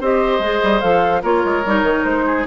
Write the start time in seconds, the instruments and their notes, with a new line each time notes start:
0.00 bassoon C4, clarinet G4, oboe C5, flute D#5
0.39 bassoon G#3, clarinet G#4
0.63 bassoon G3
0.80 bassoon F3, clarinet A4, flute F5
1.22 bassoon A#3, clarinet F4, oboe A#4, flute C#5
1.44 bassoon G#3
1.65 bassoon G3, clarinet D#4
1.83 bassoon D#3
2.04 bassoon G#3, flute C5
2.26 oboe G#4